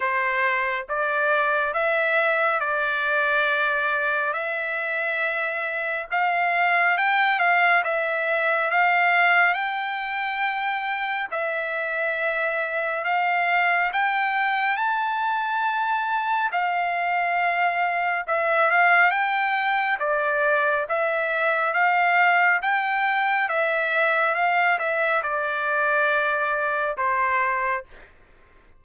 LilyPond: \new Staff \with { instrumentName = "trumpet" } { \time 4/4 \tempo 4 = 69 c''4 d''4 e''4 d''4~ | d''4 e''2 f''4 | g''8 f''8 e''4 f''4 g''4~ | g''4 e''2 f''4 |
g''4 a''2 f''4~ | f''4 e''8 f''8 g''4 d''4 | e''4 f''4 g''4 e''4 | f''8 e''8 d''2 c''4 | }